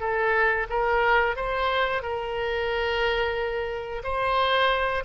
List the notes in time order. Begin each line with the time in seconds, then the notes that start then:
0.00 A4
0.70 A#4
1.36 C5
2.02 A#4
4.04 C5